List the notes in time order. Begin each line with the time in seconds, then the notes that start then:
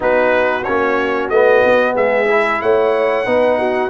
0.00 B3 D#4 F#4 B4
0.63 A#3 C#4 C#5
1.29 A3 B3 D#5
1.65 B3
1.94 G#3 G#4 E5
2.28 E4
2.61 A3 C#5 F#5
3.26 B3 D#4 B4
3.58 F#4